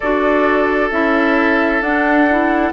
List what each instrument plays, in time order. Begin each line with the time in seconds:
0.00 bassoon D4, clarinet F#4, oboe A4, flute D5
0.91 bassoon C#4, clarinet E4, flute E5
1.81 bassoon D4, clarinet D4, flute F#5
2.30 clarinet E4